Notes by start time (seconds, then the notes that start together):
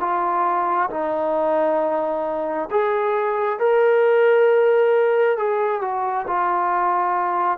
0.00 F4
0.90 D#4
2.71 G#4
3.59 A#4
5.37 G#4
5.81 F#4
6.27 F4